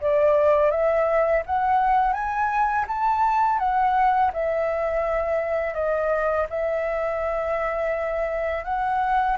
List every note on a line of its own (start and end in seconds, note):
0.00 0.70 D5
0.70 1.43 E5
1.46 2.13 F#5
2.13 2.85 G#5
2.87 3.58 A5
3.58 4.31 F#5
4.33 5.74 E5
5.74 6.46 D#5
6.49 8.64 E5
8.64 9.36 F#5